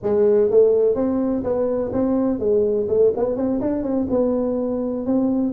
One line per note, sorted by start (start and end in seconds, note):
0.02 0.50 G#3
0.50 0.95 A3
0.95 1.43 C4
1.43 1.91 B3
1.92 2.39 C4
2.39 2.87 G#3
2.88 3.12 A3
3.16 3.36 B3
3.36 3.60 C4
3.60 3.82 D4
3.82 4.06 C4
4.10 5.06 B3
5.06 5.53 C4